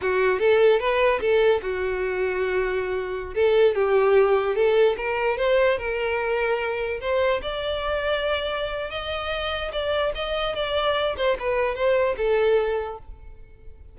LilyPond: \new Staff \with { instrumentName = "violin" } { \time 4/4 \tempo 4 = 148 fis'4 a'4 b'4 a'4 | fis'1~ | fis'16 a'4 g'2 a'8.~ | a'16 ais'4 c''4 ais'4.~ ais'16~ |
ais'4~ ais'16 c''4 d''4.~ d''16~ | d''2 dis''2 | d''4 dis''4 d''4. c''8 | b'4 c''4 a'2 | }